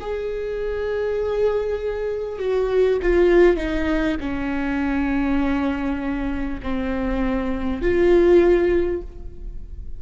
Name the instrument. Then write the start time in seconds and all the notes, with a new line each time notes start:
viola
0.00 G#4
2.39 F#4
3.02 F4
3.57 D#4
4.21 C#4
6.63 C4
7.82 F4